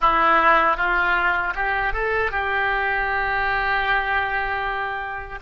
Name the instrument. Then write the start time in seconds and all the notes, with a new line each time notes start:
oboe
0.01 E4
0.77 F4
1.55 G4
1.93 A4
2.31 G4